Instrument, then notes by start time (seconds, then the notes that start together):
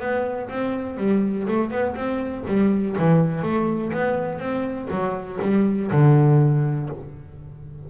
double bass
0.00 B3
0.49 C4
0.98 G3
1.48 A3
1.71 B3
1.96 C4
2.48 G3
2.98 E3
3.43 A3
3.93 B3
4.39 C4
4.91 F#3
5.42 G3
5.92 D3